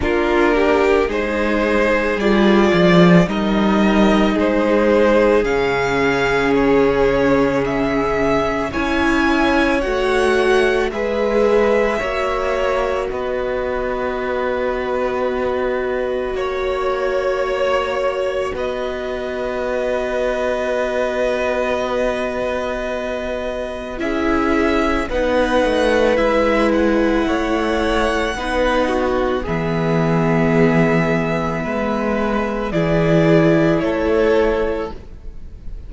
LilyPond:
<<
  \new Staff \with { instrumentName = "violin" } { \time 4/4 \tempo 4 = 55 ais'4 c''4 d''4 dis''4 | c''4 f''4 cis''4 e''4 | gis''4 fis''4 e''2 | dis''2. cis''4~ |
cis''4 dis''2.~ | dis''2 e''4 fis''4 | e''8 fis''2~ fis''8 e''4~ | e''2 d''4 cis''4 | }
  \new Staff \with { instrumentName = "violin" } { \time 4/4 f'8 g'8 gis'2 ais'4 | gis'1 | cis''2 b'4 cis''4 | b'2. cis''4~ |
cis''4 b'2.~ | b'2 gis'4 b'4~ | b'4 cis''4 b'8 fis'8 gis'4~ | gis'4 b'4 gis'4 a'4 | }
  \new Staff \with { instrumentName = "viola" } { \time 4/4 d'4 dis'4 f'4 dis'4~ | dis'4 cis'2. | e'4 fis'4 gis'4 fis'4~ | fis'1~ |
fis'1~ | fis'2 e'4 dis'4 | e'2 dis'4 b4~ | b2 e'2 | }
  \new Staff \with { instrumentName = "cello" } { \time 4/4 ais4 gis4 g8 f8 g4 | gis4 cis2. | cis'4 a4 gis4 ais4 | b2. ais4~ |
ais4 b2.~ | b2 cis'4 b8 a8 | gis4 a4 b4 e4~ | e4 gis4 e4 a4 | }
>>